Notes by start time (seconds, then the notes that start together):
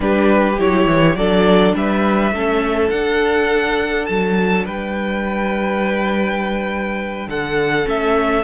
0.00 G3 D4 G4 B4
0.58 F#3 E4 C#5
0.86 E3
1.15 F#3 D4 A4 D5
1.74 G3 B4 E5
2.32 A3 C#4 A4
2.89 D4 F#5
4.06 F#3 A5
4.65 G3 B4 G5
7.27 D3 A4 F#5
7.84 A3 C#4 E5